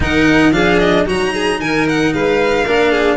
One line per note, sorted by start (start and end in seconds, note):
0.00 0.50 D#3
0.00 0.52 D#4
0.00 0.54 A#4
0.00 0.52 F#5
0.50 1.04 F3
0.50 1.06 D4
0.50 1.06 G#4
0.50 0.78 F5
0.78 1.05 D#5
1.06 1.60 F#3
1.06 2.65 D#4
1.06 1.33 F#4
1.06 1.60 A#5
1.33 1.60 G#4
1.60 2.13 D#3
1.60 2.13 A#4
1.60 1.86 G#5
1.88 2.13 F#5
2.13 2.66 G#3
2.13 2.65 B4
2.13 3.16 F5
2.65 3.16 A#3
2.65 3.16 D4
2.65 2.91 A#4
2.91 3.16 G#4